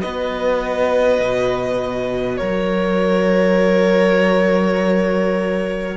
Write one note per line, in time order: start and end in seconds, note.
0.00 1.21 B3
0.00 5.97 F#4
0.00 2.38 B4
0.00 2.37 D#5
1.21 2.41 B2
2.37 5.97 F#3
2.37 5.97 A#4
2.37 5.97 C#5